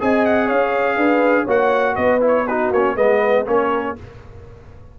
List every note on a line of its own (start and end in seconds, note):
0.00 0.51 C4
0.00 1.48 G#4
0.00 0.47 D#5
0.00 0.26 G#5
0.26 0.49 F#5
0.47 0.97 C#4
0.47 0.96 C#5
0.47 1.48 F5
0.97 1.47 D4
0.97 1.44 B4
1.44 1.97 A#3
1.44 2.21 F#4
1.44 1.94 C#5
1.44 1.96 F#5
1.95 2.71 B3
1.95 2.45 B4
1.95 2.21 D#5
2.21 2.46 E4
2.27 2.48 C#5
2.48 2.75 D#4
2.48 2.95 F#4
2.48 2.72 B4
2.71 2.96 A#3
2.71 2.97 C#4
2.71 2.97 C#5
2.95 3.45 G#3
2.95 3.46 B3
2.95 3.45 B4
2.95 3.47 D#5
3.47 3.97 A#3
3.47 3.96 C#4
3.47 4.00 A#4
3.47 3.98 C#5